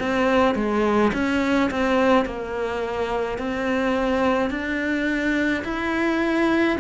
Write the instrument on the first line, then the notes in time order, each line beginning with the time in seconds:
cello
0.00 C4
0.55 G#3
1.13 C#4
1.71 C4
2.25 A#3
3.38 C4
4.50 D4
5.64 E4